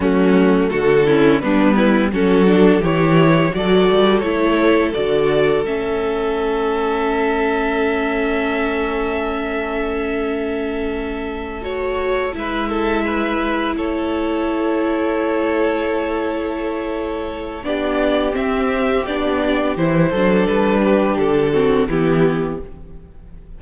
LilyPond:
<<
  \new Staff \with { instrumentName = "violin" } { \time 4/4 \tempo 4 = 85 fis'4 a'4 b'4 a'4 | cis''4 d''4 cis''4 d''4 | e''1~ | e''1~ |
e''8 cis''4 e''2 cis''8~ | cis''1~ | cis''4 d''4 e''4 d''4 | c''4 b'4 a'4 g'4 | }
  \new Staff \with { instrumentName = "violin" } { \time 4/4 cis'4 fis'8 e'8 d'8 e'8 fis'4 | g'4 a'2.~ | a'1~ | a'1~ |
a'4. b'8 a'8 b'4 a'8~ | a'1~ | a'4 g'2.~ | g'8 a'4 g'4 fis'8 e'4 | }
  \new Staff \with { instrumentName = "viola" } { \time 4/4 a4. cis'8 b4 cis'8 d'8 | e'4 fis'4 e'4 fis'4 | cis'1~ | cis'1~ |
cis'8 fis'4 e'2~ e'8~ | e'1~ | e'4 d'4 c'4 d'4 | e'8 d'2 c'8 b4 | }
  \new Staff \with { instrumentName = "cello" } { \time 4/4 fis4 d4 g4 fis4 | e4 fis8 g8 a4 d4 | a1~ | a1~ |
a4. gis2 a8~ | a1~ | a4 b4 c'4 b4 | e8 fis8 g4 d4 e4 | }
>>